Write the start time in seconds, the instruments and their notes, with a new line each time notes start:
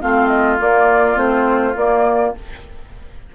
0.00 bassoon A3, clarinet C4, oboe F4, flute F5
0.28 flute D#5
0.57 clarinet A#3, bassoon A#3, flute D5
1.15 bassoon A3, clarinet C4, flute C5
1.75 bassoon A#3, clarinet A#3, flute D5